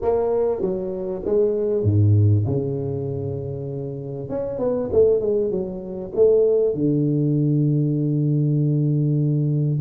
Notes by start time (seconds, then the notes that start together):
0.01 A#3
0.61 F#3
1.25 G#3
1.83 G#2
2.46 C#3
4.29 C#4
4.59 B3
4.92 A3
5.20 G#3
5.50 F#3
6.15 A3
6.74 D3